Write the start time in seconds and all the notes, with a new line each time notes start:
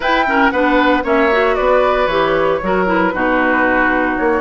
0.00 E4 B4 G5
0.27 C#4 A#4
0.51 B3 D4 B4 F#5
1.03 A#3 C#4 C#5 E5
1.31 F#4
1.55 B3 B4 D5
2.06 E3 G4 C#5
2.62 F#3 F#4 A#4
2.86 E4 B4
3.13 B2 D#4 F#4
4.17 A#3 C#5